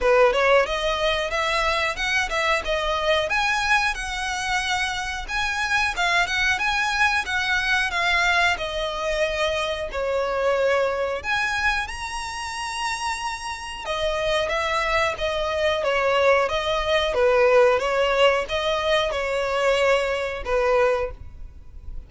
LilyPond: \new Staff \with { instrumentName = "violin" } { \time 4/4 \tempo 4 = 91 b'8 cis''8 dis''4 e''4 fis''8 e''8 | dis''4 gis''4 fis''2 | gis''4 f''8 fis''8 gis''4 fis''4 | f''4 dis''2 cis''4~ |
cis''4 gis''4 ais''2~ | ais''4 dis''4 e''4 dis''4 | cis''4 dis''4 b'4 cis''4 | dis''4 cis''2 b'4 | }